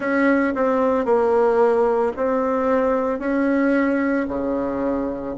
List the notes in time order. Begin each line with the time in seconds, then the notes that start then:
0.00 C#4
0.54 C4
1.05 A#3
2.16 C4
3.19 C#4
4.28 C#3